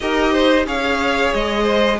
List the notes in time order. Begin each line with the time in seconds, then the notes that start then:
0.00 D#4 G4 A#4 D#5
0.32 C5
0.66 C#4 G#4 C#5 F5
1.33 G#3 D#5
1.63 C5